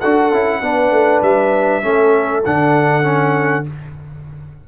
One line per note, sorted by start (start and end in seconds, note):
0.00 0.32 D4
0.00 0.32 F#4
0.00 0.61 A4
0.00 1.21 F#5
0.32 0.61 C#4
0.32 0.62 E4
0.61 0.91 B3
0.61 1.82 D4
0.61 1.86 B4
0.91 1.21 A3
1.22 1.82 G3
1.22 2.44 E5
1.82 2.44 A3
1.82 2.43 C#4
1.82 3.68 A4
2.44 3.67 D3
2.44 3.03 D4
2.44 3.66 F#5
3.03 3.63 C#4